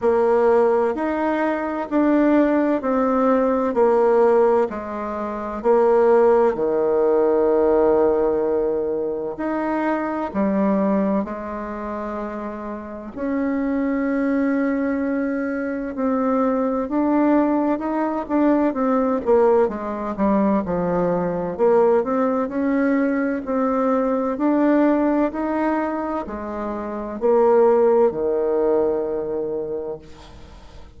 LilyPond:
\new Staff \with { instrumentName = "bassoon" } { \time 4/4 \tempo 4 = 64 ais4 dis'4 d'4 c'4 | ais4 gis4 ais4 dis4~ | dis2 dis'4 g4 | gis2 cis'2~ |
cis'4 c'4 d'4 dis'8 d'8 | c'8 ais8 gis8 g8 f4 ais8 c'8 | cis'4 c'4 d'4 dis'4 | gis4 ais4 dis2 | }